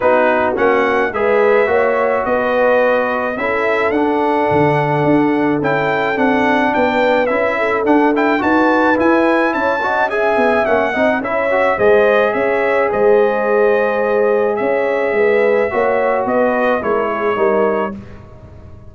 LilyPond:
<<
  \new Staff \with { instrumentName = "trumpet" } { \time 4/4 \tempo 4 = 107 b'4 fis''4 e''2 | dis''2 e''4 fis''4~ | fis''2 g''4 fis''4 | g''4 e''4 fis''8 g''8 a''4 |
gis''4 a''4 gis''4 fis''4 | e''4 dis''4 e''4 dis''4~ | dis''2 e''2~ | e''4 dis''4 cis''2 | }
  \new Staff \with { instrumentName = "horn" } { \time 4/4 fis'2 b'4 cis''4 | b'2 a'2~ | a'1 | b'4. a'4. b'4~ |
b'4 cis''8 dis''8 e''4. dis''8 | cis''4 c''4 cis''4 c''4~ | c''2 cis''4 b'4 | cis''4 b'4 ais'8 gis'8 ais'4 | }
  \new Staff \with { instrumentName = "trombone" } { \time 4/4 dis'4 cis'4 gis'4 fis'4~ | fis'2 e'4 d'4~ | d'2 e'4 d'4~ | d'4 e'4 d'8 e'8 fis'4 |
e'4. fis'8 gis'4 cis'8 dis'8 | e'8 fis'8 gis'2.~ | gis'1 | fis'2 e'4 dis'4 | }
  \new Staff \with { instrumentName = "tuba" } { \time 4/4 b4 ais4 gis4 ais4 | b2 cis'4 d'4 | d4 d'4 cis'4 c'4 | b4 cis'4 d'4 dis'4 |
e'4 cis'4. b8 ais8 c'8 | cis'4 gis4 cis'4 gis4~ | gis2 cis'4 gis4 | ais4 b4 gis4 g4 | }
>>